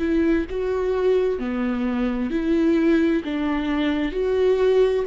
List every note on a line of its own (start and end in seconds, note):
0.00 0.46 E4
0.50 1.39 F#4
1.39 2.31 B3
2.31 3.23 E4
3.25 4.12 D4
4.12 5.05 F#4